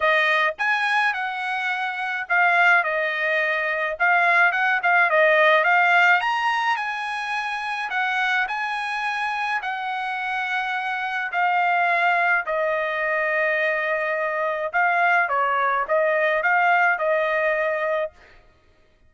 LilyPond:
\new Staff \with { instrumentName = "trumpet" } { \time 4/4 \tempo 4 = 106 dis''4 gis''4 fis''2 | f''4 dis''2 f''4 | fis''8 f''8 dis''4 f''4 ais''4 | gis''2 fis''4 gis''4~ |
gis''4 fis''2. | f''2 dis''2~ | dis''2 f''4 cis''4 | dis''4 f''4 dis''2 | }